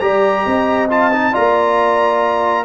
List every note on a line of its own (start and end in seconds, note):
0.00 0.45 G3
0.00 0.89 G4
0.00 0.44 D5
0.00 0.88 A#5
0.44 1.35 C4
0.44 1.32 D#5
0.89 1.11 F4
0.89 1.35 A5
1.12 1.33 D#4
1.32 2.65 A#3
1.32 2.65 F4
1.32 2.65 D5
1.32 2.65 A#5